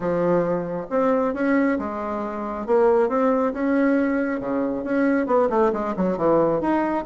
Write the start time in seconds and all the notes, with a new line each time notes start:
0.00 F3
0.90 C4
1.34 C#4
1.78 G#3
2.66 A#3
3.08 C4
3.53 C#4
4.40 C#3
4.83 C#4
5.26 B3
5.49 A3
5.72 G#3
5.96 F#3
6.17 E3
6.60 D#4